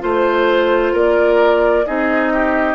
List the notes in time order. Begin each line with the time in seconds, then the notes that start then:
0.00 A3 F4 C5
0.93 A#3 A#4 D5
1.86 C4 D#4 G#4 D#5
2.34 G4